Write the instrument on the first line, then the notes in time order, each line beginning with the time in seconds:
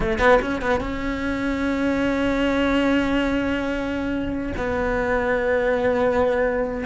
cello
0.00 A3
0.18 B3
0.41 C#4
0.61 B3
0.80 C#4
4.56 B3